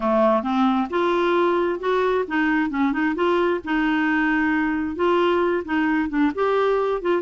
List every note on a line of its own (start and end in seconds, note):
0.00 0.42 A3
0.42 0.88 C4
0.90 1.79 F4
1.79 2.24 F#4
2.27 2.70 D#4
2.70 2.92 C#4
2.92 3.15 D#4
3.15 3.60 F4
3.64 4.95 D#4
4.95 5.63 F4
5.65 6.09 D#4
6.09 6.31 D4
6.34 7.01 G4
7.01 7.22 F4